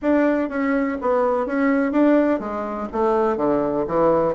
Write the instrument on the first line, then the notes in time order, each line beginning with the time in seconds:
bassoon
0.02 D4
0.49 C#4
1.01 B3
1.46 C#4
1.91 D4
2.39 G#3
2.92 A3
3.37 D3
3.87 E3